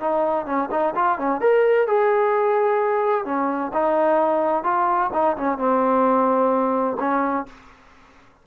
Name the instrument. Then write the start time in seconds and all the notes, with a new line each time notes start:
trombone
0.00 D#4
0.46 C#4
0.71 D#4
0.96 F4
1.19 C#4
1.41 A#4
1.87 G#4
3.25 C#4
3.73 D#4
4.64 F4
5.13 D#4
5.37 C#4
5.58 C4
7.00 C#4